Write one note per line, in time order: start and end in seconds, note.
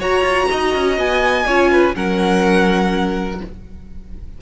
0.00 1.45 F#4
0.00 0.21 F#4
0.00 0.48 C#5
0.00 0.98 A#5
0.21 0.45 F4
0.51 0.75 D#4
0.51 1.46 D#5
0.75 0.97 C#4
0.97 1.46 B3
0.97 1.96 G#5
1.46 1.95 C#4
1.46 1.94 F4
1.46 1.71 C#5
1.71 1.95 B4
1.94 3.41 F#3
1.94 3.39 C#4
1.94 3.42 A#4
1.94 3.41 F#5